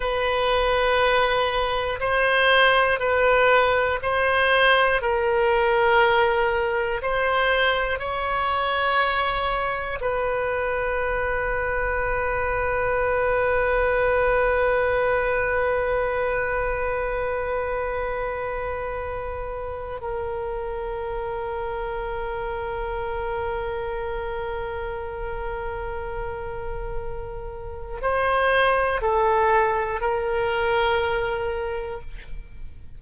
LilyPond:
\new Staff \with { instrumentName = "oboe" } { \time 4/4 \tempo 4 = 60 b'2 c''4 b'4 | c''4 ais'2 c''4 | cis''2 b'2~ | b'1~ |
b'1 | ais'1~ | ais'1 | c''4 a'4 ais'2 | }